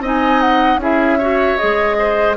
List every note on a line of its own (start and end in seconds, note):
0.00 0.76 C4
0.00 0.80 D#4
0.00 0.80 D#5
0.07 0.40 G#5
0.40 0.79 F#5
0.76 1.54 C#4
0.76 1.19 E4
0.76 1.18 G#4
0.76 1.57 E5
1.18 1.58 F#4
1.18 1.96 C#5
1.57 2.37 G#3
1.57 2.36 G#4
1.57 2.35 D#5
1.98 2.37 C5